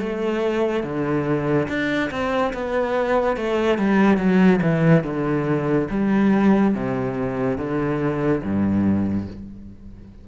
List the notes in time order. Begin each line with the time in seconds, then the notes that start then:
0.00 A3
0.84 D3
1.69 D4
2.11 C4
2.54 B3
3.37 A3
3.79 G3
4.18 F#3
4.62 E3
5.04 D3
5.90 G3
6.75 C3
7.58 D3
8.44 G2